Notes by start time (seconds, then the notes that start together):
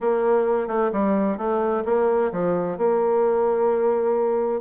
0.00 A#3
0.67 A3
0.92 G3
1.37 A3
1.85 A#3
2.32 F3
2.77 A#3